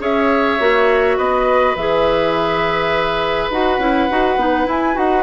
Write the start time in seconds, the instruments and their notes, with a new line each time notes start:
0.00 bassoon C#4, clarinet G#4, oboe C#5, flute E5
0.60 bassoon A#3, clarinet F#4
1.17 bassoon B3, oboe B4, flute D#5
1.75 bassoon E3, clarinet G#4, flute E5
3.50 bassoon D#4, clarinet F#4, flute F#5
3.79 bassoon C#4, clarinet E4
4.10 bassoon D#4, clarinet F#4
4.37 bassoon B3, clarinet D#4
4.66 clarinet E4, bassoon E4, flute G#5
4.94 bassoon D#4, clarinet F#4, flute F#5